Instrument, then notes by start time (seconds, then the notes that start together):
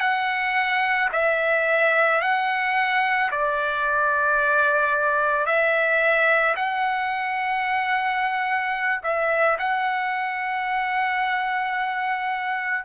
trumpet
0.00 F#5
1.12 E5
2.21 F#5
3.31 D5
5.46 E5
6.56 F#5
9.03 E5
9.59 F#5